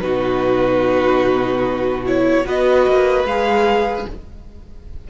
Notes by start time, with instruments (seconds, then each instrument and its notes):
0.00 cello B2, viola D#4, violin F#4 B4
2.06 viola E4, violin C#5
2.44 cello B3, viola F#4, violin B4 D#5
2.87 cello A#3
3.24 cello G#3, viola G#4, violin F5